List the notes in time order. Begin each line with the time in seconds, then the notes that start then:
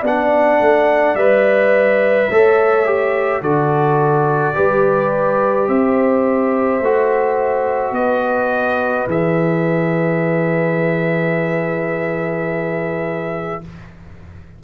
0.00 B3 D4 D5
0.07 F#5
0.60 A3
1.15 G3 B4 E5
2.30 A3 A4 C#5
2.86 G4
3.41 D3 F#4 A4 D5
4.54 G3 G4 B4
5.68 C4 C5 E5
6.81 A3 F#4
7.92 B3 B4 D#5
9.07 E3 G#4 E5